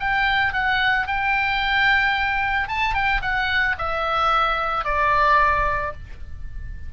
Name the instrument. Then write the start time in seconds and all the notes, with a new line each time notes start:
oboe
0.00 G5
0.53 F#5
1.07 G5
2.68 A5
2.94 G5
3.22 F#5
3.78 E5
4.85 D5